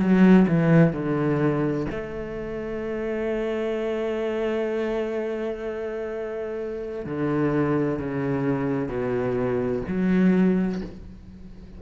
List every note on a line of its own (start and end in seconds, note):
0.00 0.47 F#3
0.48 0.93 E3
0.93 1.87 D3
1.91 7.06 A3
7.06 7.99 D3
7.99 8.89 C#3
8.89 9.83 B2
9.88 10.82 F#3